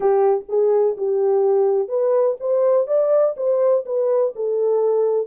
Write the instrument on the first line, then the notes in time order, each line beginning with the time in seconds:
horn
0.00 G4
0.48 G#4
0.97 G4
1.88 B4
2.40 C5
2.87 D5
3.36 C5
3.85 B4
4.35 A4